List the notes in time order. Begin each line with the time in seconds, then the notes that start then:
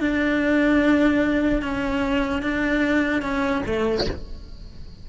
0.00 D4
1.62 C#4
2.43 D4
3.22 C#4
3.66 A3